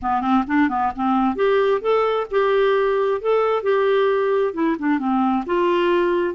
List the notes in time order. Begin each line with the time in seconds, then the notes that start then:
0.02 B3
0.21 C4
0.47 D4
0.69 B3
0.95 C4
1.35 G4
1.81 A4
2.30 G4
3.21 A4
3.62 G4
4.53 E4
4.78 D4
4.98 C4
5.45 F4